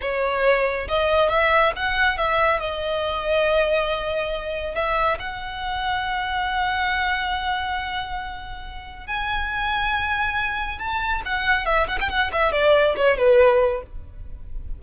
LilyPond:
\new Staff \with { instrumentName = "violin" } { \time 4/4 \tempo 4 = 139 cis''2 dis''4 e''4 | fis''4 e''4 dis''2~ | dis''2. e''4 | fis''1~ |
fis''1~ | fis''4 gis''2.~ | gis''4 a''4 fis''4 e''8 fis''16 g''16 | fis''8 e''8 d''4 cis''8 b'4. | }